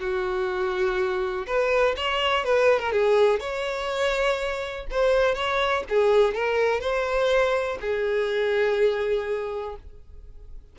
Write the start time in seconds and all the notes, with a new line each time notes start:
0.00 F#4
1.47 B4
1.96 C#5
2.44 B4
2.80 A#4
2.92 G#4
3.40 C#5
4.91 C5
5.35 C#5
5.89 G#4
6.34 A#4
6.80 C5
7.81 G#4